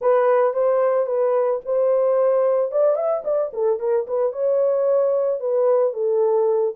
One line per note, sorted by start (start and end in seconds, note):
0.01 0.53 B4
0.53 1.06 C5
1.06 1.60 B4
1.65 2.71 C5
2.71 2.95 D5
2.95 3.22 E5
3.24 3.51 D5
3.53 3.79 A4
3.79 4.06 A#4
4.07 4.32 B4
4.32 5.40 C#5
5.40 5.93 B4
5.93 6.74 A4